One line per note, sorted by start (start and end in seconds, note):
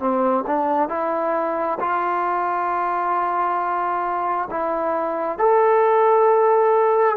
0.00 0.45 C4
0.47 0.89 D4
0.89 1.79 E4
1.80 4.49 F4
4.51 5.39 E4
5.39 7.17 A4